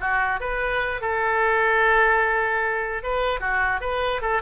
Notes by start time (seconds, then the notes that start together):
0.00 F#4
0.40 B4
1.01 A4
3.03 B4
3.40 F#4
3.80 B4
4.21 A4